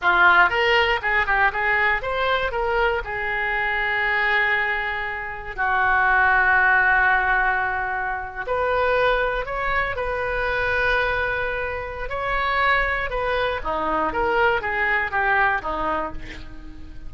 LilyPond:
\new Staff \with { instrumentName = "oboe" } { \time 4/4 \tempo 4 = 119 f'4 ais'4 gis'8 g'8 gis'4 | c''4 ais'4 gis'2~ | gis'2. fis'4~ | fis'1~ |
fis'8. b'2 cis''4 b'16~ | b'1 | cis''2 b'4 dis'4 | ais'4 gis'4 g'4 dis'4 | }